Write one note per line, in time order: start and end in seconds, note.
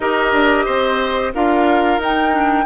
0.00 0.32 D#4
0.00 1.34 G4
0.00 0.65 A#4
0.00 1.33 D#5
0.32 0.65 D4
0.65 1.33 C4
0.65 1.32 C5
1.34 1.98 D4
1.34 2.01 F4
1.34 2.65 A#4
1.34 2.01 F5
1.98 2.65 D#4
1.98 2.31 D#4
1.98 2.65 G5
2.31 2.64 D4